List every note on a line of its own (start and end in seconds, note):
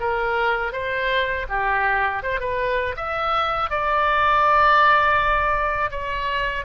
0.00 0.72 A#4
0.72 1.46 C5
1.49 2.23 G4
2.23 2.40 C5
2.40 2.96 B4
2.96 3.70 E5
3.70 5.91 D5
5.91 6.65 C#5